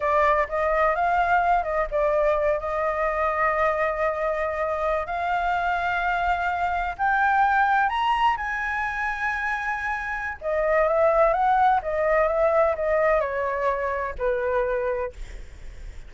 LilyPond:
\new Staff \with { instrumentName = "flute" } { \time 4/4 \tempo 4 = 127 d''4 dis''4 f''4. dis''8 | d''4. dis''2~ dis''8~ | dis''2~ dis''8. f''4~ f''16~ | f''2~ f''8. g''4~ g''16~ |
g''8. ais''4 gis''2~ gis''16~ | gis''2 dis''4 e''4 | fis''4 dis''4 e''4 dis''4 | cis''2 b'2 | }